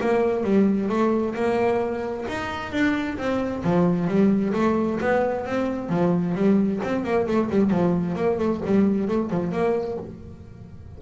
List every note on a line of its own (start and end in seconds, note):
0.00 0.43 A#3
0.43 0.89 G3
0.89 1.34 A3
1.35 2.25 A#3
2.28 2.72 D#4
2.72 3.17 D4
3.17 3.63 C4
3.64 4.07 F3
4.07 4.53 G3
4.54 4.99 A3
5.00 5.45 B3
5.45 5.89 C4
5.89 6.35 F3
6.35 6.80 G3
6.83 7.04 C4
7.04 7.27 A#3
7.27 7.50 A3
7.50 7.70 G3
7.70 8.15 F3
8.15 8.38 A#3
8.38 8.61 A3
8.65 9.08 G3
9.08 9.30 A3
9.30 9.52 F3
9.52 9.97 A#3